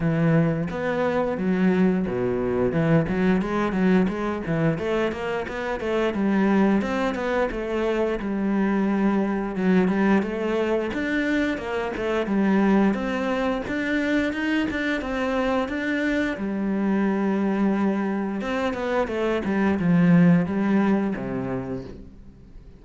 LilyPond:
\new Staff \with { instrumentName = "cello" } { \time 4/4 \tempo 4 = 88 e4 b4 fis4 b,4 | e8 fis8 gis8 fis8 gis8 e8 a8 ais8 | b8 a8 g4 c'8 b8 a4 | g2 fis8 g8 a4 |
d'4 ais8 a8 g4 c'4 | d'4 dis'8 d'8 c'4 d'4 | g2. c'8 b8 | a8 g8 f4 g4 c4 | }